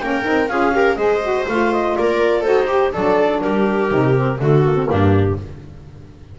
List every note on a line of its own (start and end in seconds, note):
0.00 0.26 A#3
0.00 0.24 C#4
0.00 0.51 A#4
0.00 0.48 G5
0.24 0.49 C4
0.24 0.48 D#4
0.48 0.97 C#4
0.48 0.72 F4
0.48 0.75 G#4
0.48 0.96 F5
0.72 0.96 G4
0.72 0.98 A#4
0.96 1.46 G#3
0.96 1.22 G#4
0.96 1.96 C5
0.96 1.44 D#5
1.23 1.47 F#4
1.47 1.96 A3
1.47 2.45 F4
1.47 1.73 F5
1.73 1.96 D#5
1.96 2.45 A#3
1.96 2.41 A#4
1.96 2.43 D5
2.41 2.94 D#4
2.41 2.69 F#4
2.41 2.65 A4
2.41 2.92 C5
2.67 2.92 G4
2.67 2.94 G4
2.93 3.44 F#3
2.93 3.90 D4
2.93 3.42 A4
2.93 3.41 D5
3.41 3.91 G3
3.41 4.41 G4
3.41 4.38 A#4
3.90 4.39 C3
3.90 4.15 D#4
4.16 4.38 C4
4.38 4.88 D3
4.38 4.63 A3
4.38 4.90 F#4
4.38 4.88 A4
4.64 4.76 A#3
4.76 4.86 C4
4.86 5.39 G2
4.86 5.35 A#3
4.86 5.39 D4
4.86 5.37 G4